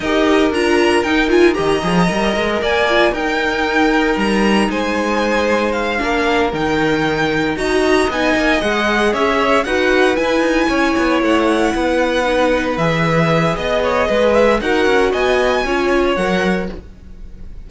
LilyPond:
<<
  \new Staff \with { instrumentName = "violin" } { \time 4/4 \tempo 4 = 115 dis''4 ais''4 g''8 gis''8 ais''4~ | ais''4 gis''4 g''2 | ais''4 gis''2 f''4~ | f''8 g''2 ais''4 gis''8~ |
gis''8 fis''4 e''4 fis''4 gis''8~ | gis''4. fis''2~ fis''8~ | fis''8 e''4. dis''4. e''8 | fis''4 gis''2 fis''4 | }
  \new Staff \with { instrumentName = "violin" } { \time 4/4 ais'2. dis''4~ | dis''4 d''4 ais'2~ | ais'4 c''2~ c''8 ais'8~ | ais'2~ ais'8 dis''4.~ |
dis''4. cis''4 b'4.~ | b'8 cis''2 b'4.~ | b'2 dis''8 cis''8 b'4 | ais'4 dis''4 cis''2 | }
  \new Staff \with { instrumentName = "viola" } { \time 4/4 g'4 f'4 dis'8 f'8 g'8 gis'8 | ais'4. f'8 dis'2~ | dis'2.~ dis'8 d'8~ | d'8 dis'2 fis'4 dis'8~ |
dis'8 gis'2 fis'4 e'8~ | e'2.~ e'8 dis'8~ | dis'8 gis'2.~ gis'8 | fis'2 f'4 ais'4 | }
  \new Staff \with { instrumentName = "cello" } { \time 4/4 dis'4 d'4 dis'4 dis8 f8 | g8 gis8 ais4 dis'2 | g4 gis2~ gis8 ais8~ | ais8 dis2 dis'4 b8 |
ais8 gis4 cis'4 dis'4 e'8 | dis'8 cis'8 b8 a4 b4.~ | b8 e4. b4 gis4 | dis'8 cis'8 b4 cis'4 fis4 | }
>>